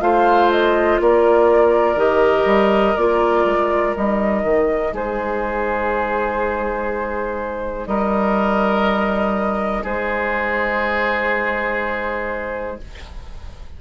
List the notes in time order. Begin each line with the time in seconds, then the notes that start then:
0.00 A3 F4 C5 F5
0.51 D#5
1.00 A#3 A#4 D5
1.96 D#3 G4 D#5
2.45 G3
2.97 A#3 F4 D5
3.45 G#3
3.96 G3 D#4 D#5
4.43 D#3
4.92 G#3 G#4 C5
7.87 G3 A#4 D#5
9.83 G#3 G#4 C5